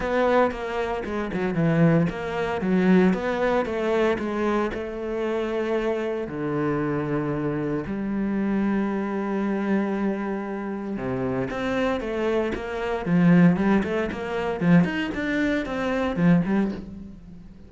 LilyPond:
\new Staff \with { instrumentName = "cello" } { \time 4/4 \tempo 4 = 115 b4 ais4 gis8 fis8 e4 | ais4 fis4 b4 a4 | gis4 a2. | d2. g4~ |
g1~ | g4 c4 c'4 a4 | ais4 f4 g8 a8 ais4 | f8 dis'8 d'4 c'4 f8 g8 | }